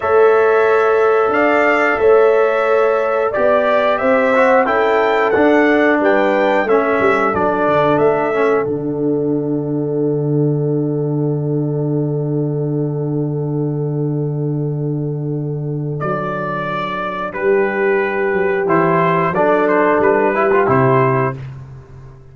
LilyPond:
<<
  \new Staff \with { instrumentName = "trumpet" } { \time 4/4 \tempo 4 = 90 e''2 f''4 e''4~ | e''4 d''4 e''4 g''4 | fis''4 g''4 e''4 d''4 | e''4 fis''2.~ |
fis''1~ | fis''1 | d''2 b'2 | c''4 d''8 c''8 b'4 c''4 | }
  \new Staff \with { instrumentName = "horn" } { \time 4/4 cis''2 d''4 cis''4~ | cis''4 d''4 c''4 a'4~ | a'4 b'4 a'2~ | a'1~ |
a'1~ | a'1~ | a'2 g'2~ | g'4 a'4. g'4. | }
  \new Staff \with { instrumentName = "trombone" } { \time 4/4 a'1~ | a'4 g'4. fis'8 e'4 | d'2 cis'4 d'4~ | d'8 cis'8 d'2.~ |
d'1~ | d'1~ | d'1 | e'4 d'4. e'16 f'16 e'4 | }
  \new Staff \with { instrumentName = "tuba" } { \time 4/4 a2 d'4 a4~ | a4 b4 c'4 cis'4 | d'4 g4 a8 g8 fis8 d8 | a4 d2.~ |
d1~ | d1 | fis2 g4. fis8 | e4 fis4 g4 c4 | }
>>